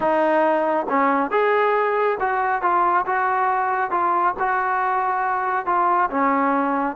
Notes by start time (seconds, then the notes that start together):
0.00 D#4
0.89 C#4
1.30 G#4
2.20 F#4
2.61 F4
3.06 F#4
3.90 F4
4.39 F#4
5.66 F4
6.10 C#4